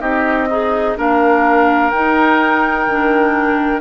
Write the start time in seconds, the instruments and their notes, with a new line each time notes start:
0.00 bassoon C4, clarinet D#4, oboe G4, flute D#5
0.50 oboe D#4, clarinet G#4
0.97 bassoon A#3, clarinet D4, oboe A#4, flute F5
1.90 bassoon D#4, clarinet D#4, flute G5
2.87 bassoon D#3, clarinet D4